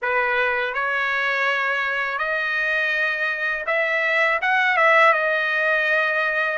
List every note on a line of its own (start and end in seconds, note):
0.02 0.74 B4
0.74 2.18 C#5
2.18 3.64 D#5
3.66 4.39 E5
4.41 4.76 F#5
4.76 5.13 E5
5.13 6.58 D#5